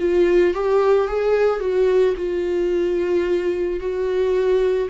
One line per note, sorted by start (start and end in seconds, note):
0.00 0.55 F4
0.55 1.08 G4
1.08 1.61 G#4
1.61 2.15 F#4
2.17 3.80 F4
3.80 4.89 F#4